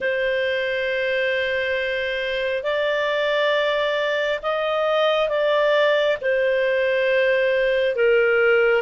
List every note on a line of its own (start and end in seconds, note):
0.00 2.63 C5
2.63 4.39 D5
4.42 5.29 D#5
5.29 6.17 D5
6.21 7.95 C5
7.95 8.82 A#4